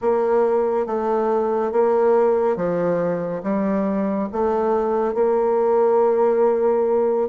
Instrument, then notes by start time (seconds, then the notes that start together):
bassoon
0.01 A#3
0.86 A3
1.71 A#3
2.56 F3
3.43 G3
4.32 A3
5.14 A#3